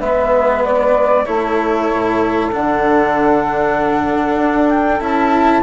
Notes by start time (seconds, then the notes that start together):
0.00 G#3 B3 B4 E5
0.65 D5
1.26 A3 E4 A4 C#5
1.93 A2
2.52 D3 D4 F#5
4.37 D4
4.70 G5
5.01 C#4 E4 A5